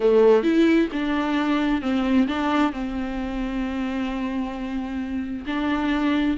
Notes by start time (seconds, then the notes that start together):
0.00 A3
0.43 E4
0.92 D4
1.81 C4
2.27 D4
2.72 C4
5.46 D4